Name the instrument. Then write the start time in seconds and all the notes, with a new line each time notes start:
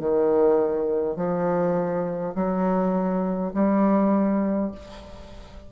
bassoon
0.00 D#3
1.17 F3
2.35 F#3
3.54 G3